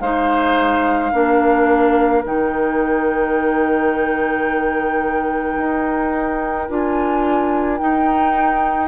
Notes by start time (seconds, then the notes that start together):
0.00 G#3 D#4 C5 F5
1.12 A#3 D4 A#4
2.25 D#3 D#4 G5
5.57 D#4
6.69 D4 F4 G#5
7.77 D#4 G5